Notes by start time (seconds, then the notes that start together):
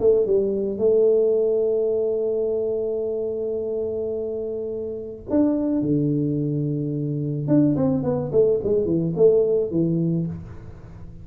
0.00 A3
0.27 G3
0.79 A3
5.31 D4
5.82 D3
7.48 D4
7.76 C4
8.04 B3
8.32 A3
8.64 G#3
8.86 E3
9.16 A3
9.71 E3